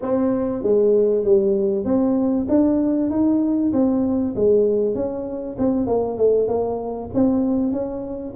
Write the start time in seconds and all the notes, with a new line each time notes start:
0.01 C4
0.62 G#3
1.24 G3
1.84 C4
2.48 D4
3.10 D#4
3.73 C4
4.35 G#3
4.94 C#4
5.58 C4
5.86 A#3
6.17 A3
6.48 A#3
7.13 C4
7.72 C#4